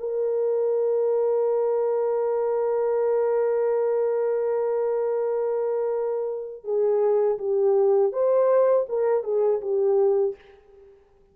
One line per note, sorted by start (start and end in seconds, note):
0.00 6.64 A#4
6.64 7.38 G#4
7.39 8.12 G4
8.12 8.87 C5
8.89 9.24 A#4
9.24 9.61 G#4
9.61 10.35 G4